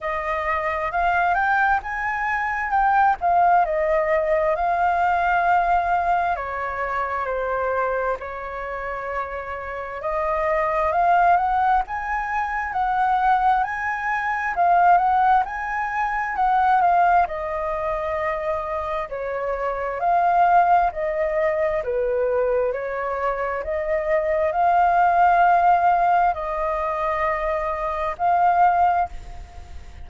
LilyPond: \new Staff \with { instrumentName = "flute" } { \time 4/4 \tempo 4 = 66 dis''4 f''8 g''8 gis''4 g''8 f''8 | dis''4 f''2 cis''4 | c''4 cis''2 dis''4 | f''8 fis''8 gis''4 fis''4 gis''4 |
f''8 fis''8 gis''4 fis''8 f''8 dis''4~ | dis''4 cis''4 f''4 dis''4 | b'4 cis''4 dis''4 f''4~ | f''4 dis''2 f''4 | }